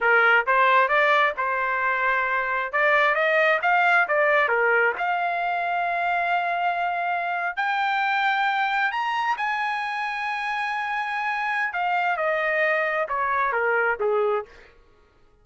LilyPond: \new Staff \with { instrumentName = "trumpet" } { \time 4/4 \tempo 4 = 133 ais'4 c''4 d''4 c''4~ | c''2 d''4 dis''4 | f''4 d''4 ais'4 f''4~ | f''1~ |
f''8. g''2. ais''16~ | ais''8. gis''2.~ gis''16~ | gis''2 f''4 dis''4~ | dis''4 cis''4 ais'4 gis'4 | }